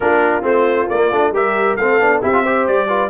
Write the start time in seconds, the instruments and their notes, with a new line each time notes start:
0.00 tuba A#3, trombone D4, horn F4, trumpet A#4
0.41 tuba A3, trombone C4, trumpet C5
0.89 tuba A#3, trombone A#3, trumpet D5
1.11 tuba A3, trombone D4
1.31 tuba G3, trombone G4, horn A#4, trumpet E5
1.76 tuba A3, trombone C4, horn A4, trumpet F5
1.98 tuba B3, trombone D4
2.22 tuba C4, trombone E4, horn G4, trumpet E5
2.32 trombone F4
2.42 trombone G4, horn C5
2.67 tuba G3, trumpet D5
2.87 trombone F4, horn B4